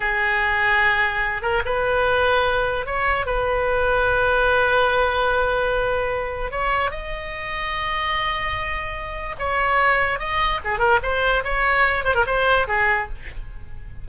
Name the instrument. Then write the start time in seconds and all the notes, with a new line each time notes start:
oboe
0.00 G#4
1.42 A#4
1.65 B4
2.86 C#5
3.26 B4
6.51 C#5
6.90 D#5
9.38 C#5
10.19 D#5
10.64 G#4
10.79 A#4
11.02 C5
11.43 C#5
12.04 C5
12.14 A#4
12.26 C5
12.67 G#4